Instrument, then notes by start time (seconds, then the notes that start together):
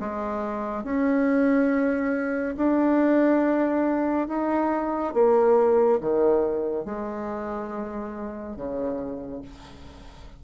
bassoon
0.00 G#3
0.84 C#4
2.57 D4
4.28 D#4
5.14 A#3
6.01 D#3
6.85 G#3
8.56 C#3